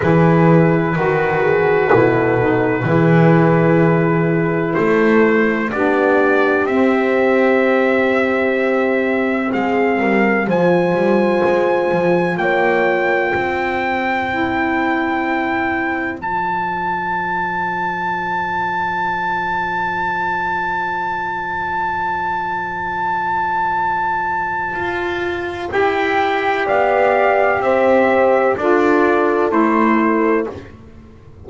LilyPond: <<
  \new Staff \with { instrumentName = "trumpet" } { \time 4/4 \tempo 4 = 63 b'1~ | b'4 c''4 d''4 e''4~ | e''2 f''4 gis''4~ | gis''4 g''2.~ |
g''4 a''2.~ | a''1~ | a''2. g''4 | f''4 e''4 d''4 c''4 | }
  \new Staff \with { instrumentName = "horn" } { \time 4/4 gis'4 fis'8 gis'8 a'4 gis'4~ | gis'4 a'4 g'2~ | g'2 gis'8 ais'8 c''4~ | c''4 cis''4 c''2~ |
c''1~ | c''1~ | c''1 | d''4 c''4 a'2 | }
  \new Staff \with { instrumentName = "saxophone" } { \time 4/4 e'4 fis'4 e'8 dis'8 e'4~ | e'2 d'4 c'4~ | c'2. f'4~ | f'2. e'4~ |
e'4 f'2.~ | f'1~ | f'2. g'4~ | g'2 f'4 e'4 | }
  \new Staff \with { instrumentName = "double bass" } { \time 4/4 e4 dis4 b,4 e4~ | e4 a4 b4 c'4~ | c'2 gis8 g8 f8 g8 | gis8 f8 ais4 c'2~ |
c'4 f2.~ | f1~ | f2 f'4 e'4 | b4 c'4 d'4 a4 | }
>>